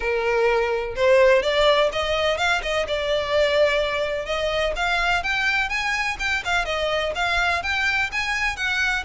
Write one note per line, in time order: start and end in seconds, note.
0.00 0.95 A#4
0.95 1.42 C5
1.42 1.90 D5
1.92 2.37 D#5
2.37 2.61 F5
2.62 2.86 D#5
2.87 4.25 D5
4.25 4.73 D#5
4.76 5.23 F5
5.23 5.69 G5
5.69 6.17 G#5
6.19 6.43 G5
6.44 6.65 F5
6.65 7.13 D#5
7.15 7.62 F5
7.63 8.10 G5
8.12 8.56 G#5
8.56 9.03 F#5